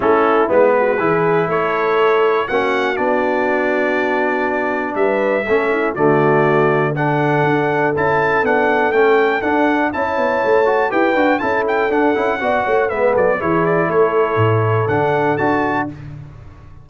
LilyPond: <<
  \new Staff \with { instrumentName = "trumpet" } { \time 4/4 \tempo 4 = 121 a'4 b'2 cis''4~ | cis''4 fis''4 d''2~ | d''2 e''2 | d''2 fis''2 |
a''4 fis''4 g''4 fis''4 | a''2 g''4 a''8 g''8 | fis''2 e''8 d''8 cis''8 d''8 | cis''2 fis''4 a''4 | }
  \new Staff \with { instrumentName = "horn" } { \time 4/4 e'4. fis'8 gis'4 a'4~ | a'4 fis'2.~ | fis'2 b'4 a'8 e'8 | fis'2 a'2~ |
a'1 | cis''2 b'4 a'4~ | a'4 d''8 cis''8 b'8 a'8 gis'4 | a'1 | }
  \new Staff \with { instrumentName = "trombone" } { \time 4/4 cis'4 b4 e'2~ | e'4 cis'4 d'2~ | d'2. cis'4 | a2 d'2 |
e'4 d'4 cis'4 d'4 | e'4. fis'8 g'8 fis'8 e'4 | d'8 e'8 fis'4 b4 e'4~ | e'2 d'4 fis'4 | }
  \new Staff \with { instrumentName = "tuba" } { \time 4/4 a4 gis4 e4 a4~ | a4 ais4 b2~ | b2 g4 a4 | d2. d'4 |
cis'4 b4 a4 d'4 | cis'8 b8 a4 e'8 d'8 cis'4 | d'8 cis'8 b8 a8 gis8 fis8 e4 | a4 a,4 d4 d'4 | }
>>